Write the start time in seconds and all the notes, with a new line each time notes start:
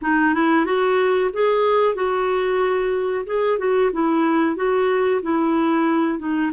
0.01 D#4
0.34 E4
0.65 F#4
1.33 G#4
1.94 F#4
3.26 G#4
3.58 F#4
3.92 E4
4.56 F#4
5.22 E4
6.18 D#4